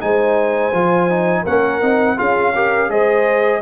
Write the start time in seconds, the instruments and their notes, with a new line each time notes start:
0.00 tuba G#3, trombone D#4, horn C5, trumpet G#5
0.73 tuba F3, trombone F4
1.10 trombone D#4
1.43 tuba A#3, trombone C#4, horn A#4, trumpet F#5
1.81 tuba C4, trombone D#4
2.17 tuba C#4, trombone F4, horn G#4, trumpet F5
2.55 trombone G4, horn A#4
2.89 tuba G#3, trombone G#4, horn C5, trumpet D#5